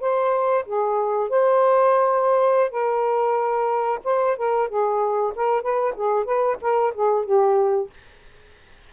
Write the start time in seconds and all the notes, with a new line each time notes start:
0.00 C5
0.65 G#4
1.29 C5
2.70 A#4
4.04 C5
4.36 A#4
4.68 G#4
5.35 A#4
5.62 B4
5.96 G#4
6.24 B4
6.61 A#4
6.94 G#4
7.25 G4